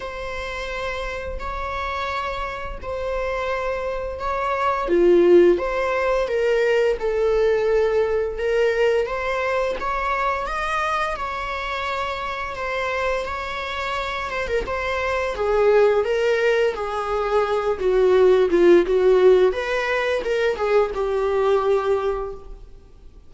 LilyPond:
\new Staff \with { instrumentName = "viola" } { \time 4/4 \tempo 4 = 86 c''2 cis''2 | c''2 cis''4 f'4 | c''4 ais'4 a'2 | ais'4 c''4 cis''4 dis''4 |
cis''2 c''4 cis''4~ | cis''8 c''16 ais'16 c''4 gis'4 ais'4 | gis'4. fis'4 f'8 fis'4 | b'4 ais'8 gis'8 g'2 | }